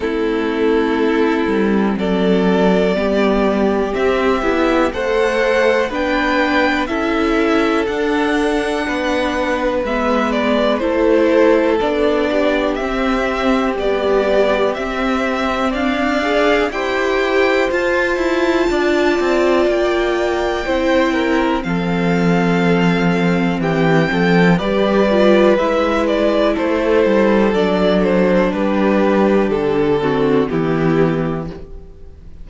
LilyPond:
<<
  \new Staff \with { instrumentName = "violin" } { \time 4/4 \tempo 4 = 61 a'2 d''2 | e''4 fis''4 g''4 e''4 | fis''2 e''8 d''8 c''4 | d''4 e''4 d''4 e''4 |
f''4 g''4 a''2 | g''2 f''2 | g''4 d''4 e''8 d''8 c''4 | d''8 c''8 b'4 a'4 g'4 | }
  \new Staff \with { instrumentName = "violin" } { \time 4/4 e'2 a'4 g'4~ | g'4 c''4 b'4 a'4~ | a'4 b'2 a'4~ | a'8 g'2.~ g'8 |
d''4 c''2 d''4~ | d''4 c''8 ais'8 a'2 | g'8 a'8 b'2 a'4~ | a'4 g'4. fis'8 e'4 | }
  \new Staff \with { instrumentName = "viola" } { \time 4/4 c'2. b4 | c'8 e'8 a'4 d'4 e'4 | d'2 b4 e'4 | d'4 c'4 g4 c'4~ |
c'8 gis'8 g'4 f'2~ | f'4 e'4 c'2~ | c'4 g'8 f'8 e'2 | d'2~ d'8 c'8 b4 | }
  \new Staff \with { instrumentName = "cello" } { \time 4/4 a4. g8 fis4 g4 | c'8 b8 a4 b4 cis'4 | d'4 b4 gis4 a4 | b4 c'4 b4 c'4 |
d'4 e'4 f'8 e'8 d'8 c'8 | ais4 c'4 f2 | e8 f8 g4 gis4 a8 g8 | fis4 g4 d4 e4 | }
>>